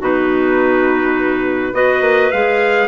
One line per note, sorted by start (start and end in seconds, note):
0.00 1.73 B2
0.00 1.74 D#4
0.00 1.74 F#4
0.00 1.75 B4
1.73 2.01 B3
1.73 2.32 F#4
1.73 2.88 B4
1.73 2.32 D#5
2.01 2.30 A#3
2.32 2.88 G#3
2.32 2.88 G#4
2.32 2.88 F5